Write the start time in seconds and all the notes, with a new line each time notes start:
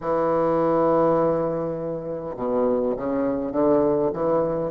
0.00 E3
2.36 B2
2.96 C#3
3.51 D3
4.13 E3